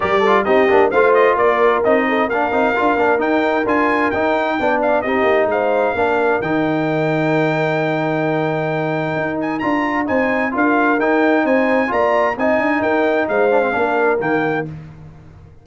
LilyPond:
<<
  \new Staff \with { instrumentName = "trumpet" } { \time 4/4 \tempo 4 = 131 d''4 dis''4 f''8 dis''8 d''4 | dis''4 f''2 g''4 | gis''4 g''4. f''8 dis''4 | f''2 g''2~ |
g''1~ | g''8 gis''8 ais''4 gis''4 f''4 | g''4 gis''4 ais''4 gis''4 | g''4 f''2 g''4 | }
  \new Staff \with { instrumentName = "horn" } { \time 4/4 ais'8 a'8 g'4 c''4 ais'4~ | ais'8 a'8 ais'2.~ | ais'2 d''4 g'4 | c''4 ais'2.~ |
ais'1~ | ais'2 c''4 ais'4~ | ais'4 c''4 d''4 dis''4 | ais'4 c''4 ais'2 | }
  \new Staff \with { instrumentName = "trombone" } { \time 4/4 g'8 f'8 dis'8 d'8 f'2 | dis'4 d'8 dis'8 f'8 d'8 dis'4 | f'4 dis'4 d'4 dis'4~ | dis'4 d'4 dis'2~ |
dis'1~ | dis'4 f'4 dis'4 f'4 | dis'2 f'4 dis'4~ | dis'4. d'16 c'16 d'4 ais4 | }
  \new Staff \with { instrumentName = "tuba" } { \time 4/4 g4 c'8 ais8 a4 ais4 | c'4 ais8 c'8 d'8 ais8 dis'4 | d'4 dis'4 b4 c'8 ais8 | gis4 ais4 dis2~ |
dis1 | dis'4 d'4 c'4 d'4 | dis'4 c'4 ais4 c'8 d'8 | dis'4 gis4 ais4 dis4 | }
>>